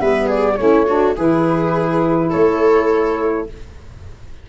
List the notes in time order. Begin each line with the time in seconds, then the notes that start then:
0.00 G3 B3 B4 E5
0.27 G#4 D5
0.57 A3 C#4 E4 C#5
0.87 D4 F#4
1.16 E3 E4 G#4 B4
2.30 A3 A4 C#5